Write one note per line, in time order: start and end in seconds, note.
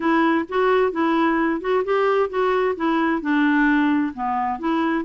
0.00 0.45 E4
0.48 0.92 F#4
0.92 1.61 E4
1.61 1.83 F#4
1.84 2.29 G4
2.29 2.75 F#4
2.75 3.21 E4
3.21 4.13 D4
4.14 4.59 B3
4.59 5.05 E4